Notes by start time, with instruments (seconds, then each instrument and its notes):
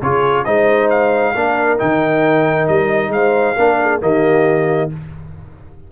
0.00 tuba C#3, trombone F4, horn G#4, trumpet C#5
0.44 tuba G#3, trombone D#4, horn C5, trumpet D#5
0.90 trumpet F5
1.34 tuba A#3, trombone D4, horn A#4
1.78 tuba D#3, trombone D#4, trumpet G5
2.68 tuba G3, trumpet D#5
3.09 tuba G#3, horn C5, trumpet F5
3.56 tuba A#3, trombone D4, horn A#4
3.81 horn G#4
4.01 tuba D#3, trombone A#3, horn G4, trumpet D#5